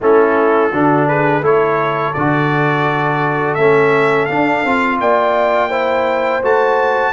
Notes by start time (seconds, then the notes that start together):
0.01 A3 C#4 E4 A4
0.71 D3 D4 F#4
1.08 G#4 B4
1.41 A3 E4 A4 C#5
2.13 D3 F#4 D5
3.54 A3 C#4 E5
4.25 D4 F5
4.64 C4 F4
5.00 A#3 D5 G5
5.69 E4 C5
6.42 A3 F#4 A5